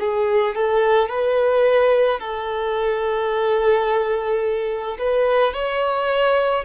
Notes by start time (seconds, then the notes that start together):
0.00 G#4
0.56 A4
1.09 B4
2.20 A4
4.99 B4
5.54 C#5